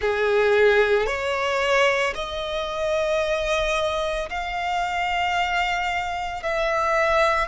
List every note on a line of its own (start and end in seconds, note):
0.00 1.06 G#4
1.06 2.13 C#5
2.14 4.29 D#5
4.29 6.42 F5
6.42 7.48 E5